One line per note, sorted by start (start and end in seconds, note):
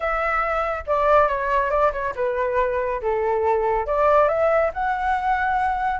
0.00 0.84 E5
0.86 1.27 D5
1.27 1.70 C#5
1.70 1.91 D5
1.92 2.14 C#5
2.15 3.01 B4
3.01 3.86 A4
3.86 4.28 D5
4.28 4.71 E5
4.73 6.00 F#5